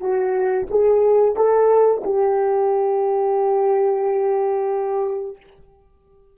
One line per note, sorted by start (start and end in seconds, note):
0.00 0.67 F#4
0.70 1.36 G#4
1.36 2.03 A4
2.04 5.37 G4